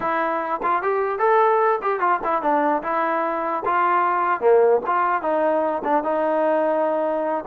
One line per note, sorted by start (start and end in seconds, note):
0.00 0.61 E4
0.62 0.82 F4
0.82 1.18 G4
1.18 1.79 A4
1.82 2.00 G4
2.00 2.20 F4
2.23 2.42 E4
2.42 2.82 D4
2.82 3.63 E4
3.65 4.40 F4
4.40 4.80 A#3
4.86 5.22 F4
5.22 5.82 D#4
5.84 6.03 D4
6.03 7.44 D#4